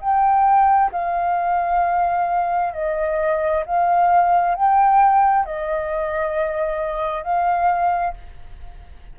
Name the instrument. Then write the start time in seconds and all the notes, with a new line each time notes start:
flute
0.00 G5
0.92 F5
2.73 D#5
3.65 F5
4.55 G5
5.45 D#5
7.23 F5